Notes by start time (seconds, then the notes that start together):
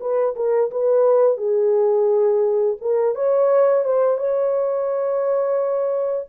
0.00 B4
0.36 A#4
0.71 B4
1.37 G#4
2.81 A#4
3.15 C#5
3.84 C5
4.17 C#5